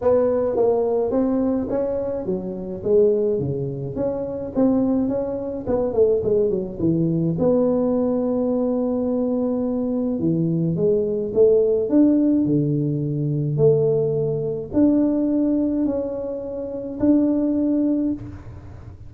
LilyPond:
\new Staff \with { instrumentName = "tuba" } { \time 4/4 \tempo 4 = 106 b4 ais4 c'4 cis'4 | fis4 gis4 cis4 cis'4 | c'4 cis'4 b8 a8 gis8 fis8 | e4 b2.~ |
b2 e4 gis4 | a4 d'4 d2 | a2 d'2 | cis'2 d'2 | }